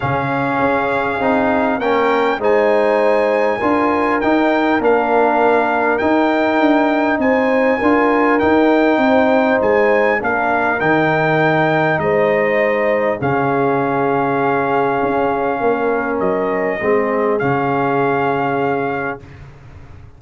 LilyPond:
<<
  \new Staff \with { instrumentName = "trumpet" } { \time 4/4 \tempo 4 = 100 f''2. g''4 | gis''2. g''4 | f''2 g''2 | gis''2 g''2 |
gis''4 f''4 g''2 | dis''2 f''2~ | f''2. dis''4~ | dis''4 f''2. | }
  \new Staff \with { instrumentName = "horn" } { \time 4/4 gis'2. ais'4 | c''2 ais'2~ | ais'1 | c''4 ais'2 c''4~ |
c''4 ais'2. | c''2 gis'2~ | gis'2 ais'2 | gis'1 | }
  \new Staff \with { instrumentName = "trombone" } { \time 4/4 cis'2 dis'4 cis'4 | dis'2 f'4 dis'4 | d'2 dis'2~ | dis'4 f'4 dis'2~ |
dis'4 d'4 dis'2~ | dis'2 cis'2~ | cis'1 | c'4 cis'2. | }
  \new Staff \with { instrumentName = "tuba" } { \time 4/4 cis4 cis'4 c'4 ais4 | gis2 d'4 dis'4 | ais2 dis'4 d'4 | c'4 d'4 dis'4 c'4 |
gis4 ais4 dis2 | gis2 cis2~ | cis4 cis'4 ais4 fis4 | gis4 cis2. | }
>>